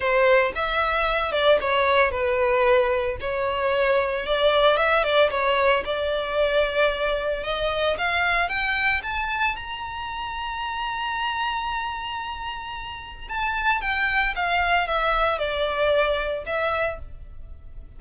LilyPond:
\new Staff \with { instrumentName = "violin" } { \time 4/4 \tempo 4 = 113 c''4 e''4. d''8 cis''4 | b'2 cis''2 | d''4 e''8 d''8 cis''4 d''4~ | d''2 dis''4 f''4 |
g''4 a''4 ais''2~ | ais''1~ | ais''4 a''4 g''4 f''4 | e''4 d''2 e''4 | }